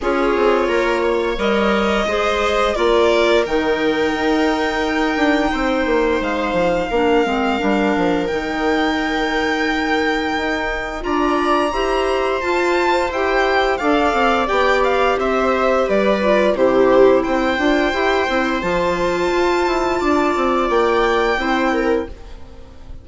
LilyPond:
<<
  \new Staff \with { instrumentName = "violin" } { \time 4/4 \tempo 4 = 87 cis''2 dis''2 | d''4 g''2.~ | g''4 f''2. | g''1 |
ais''2 a''4 g''4 | f''4 g''8 f''8 e''4 d''4 | c''4 g''2 a''4~ | a''2 g''2 | }
  \new Staff \with { instrumentName = "viola" } { \time 4/4 gis'4 ais'8 cis''4. c''4 | ais'1 | c''2 ais'2~ | ais'1 |
d''4 c''2. | d''2 c''4 b'4 | g'4 c''2.~ | c''4 d''2 c''8 ais'8 | }
  \new Staff \with { instrumentName = "clarinet" } { \time 4/4 f'2 ais'4 gis'4 | f'4 dis'2.~ | dis'2 d'8 c'8 d'4 | dis'1 |
f'4 g'4 f'4 g'4 | a'4 g'2~ g'8 f'8 | e'4. f'8 g'8 e'8 f'4~ | f'2. e'4 | }
  \new Staff \with { instrumentName = "bassoon" } { \time 4/4 cis'8 c'8 ais4 g4 gis4 | ais4 dis4 dis'4. d'8 | c'8 ais8 gis8 f8 ais8 gis8 g8 f8 | dis2. dis'4 |
d'4 e'4 f'4 e'4 | d'8 c'8 b4 c'4 g4 | c4 c'8 d'8 e'8 c'8 f4 | f'8 e'8 d'8 c'8 ais4 c'4 | }
>>